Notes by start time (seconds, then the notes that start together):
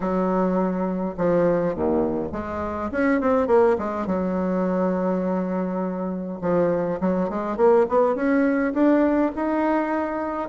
0.00 F#3
1.17 F3
1.74 D#2
2.31 G#3
2.91 C#4
3.20 C4
3.47 A#3
3.78 G#3
4.06 F#3
6.41 F3
7.00 F#3
7.29 G#3
7.56 A#3
7.88 B3
8.15 C#4
8.73 D4
9.35 D#4